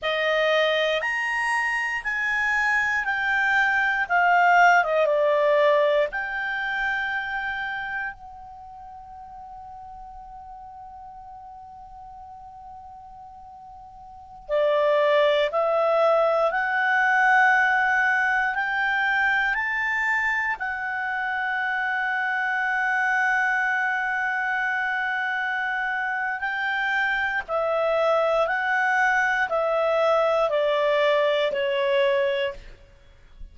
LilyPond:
\new Staff \with { instrumentName = "clarinet" } { \time 4/4 \tempo 4 = 59 dis''4 ais''4 gis''4 g''4 | f''8. dis''16 d''4 g''2 | fis''1~ | fis''2~ fis''16 d''4 e''8.~ |
e''16 fis''2 g''4 a''8.~ | a''16 fis''2.~ fis''8.~ | fis''2 g''4 e''4 | fis''4 e''4 d''4 cis''4 | }